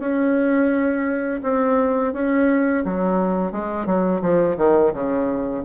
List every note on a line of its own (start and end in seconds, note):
0.00 1.41 C#4
1.43 2.14 C4
2.14 2.84 C#4
2.85 3.52 F#3
3.52 3.87 G#3
3.87 4.22 F#3
4.22 4.57 F3
4.58 4.93 D#3
4.93 5.64 C#3